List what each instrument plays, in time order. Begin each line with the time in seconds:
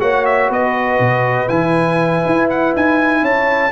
0.00 tuba A#3, trombone F#4, horn C#5, trumpet F#5
0.25 trumpet E5
0.48 tuba B3, horn B4, trumpet D#5
0.99 tuba B2
1.48 tuba E3, trombone E4, trumpet G#5
2.25 tuba E4
2.50 trumpet F#5
2.76 tuba D#4, trumpet G#5
3.22 tuba C#4, horn C#5, trumpet A5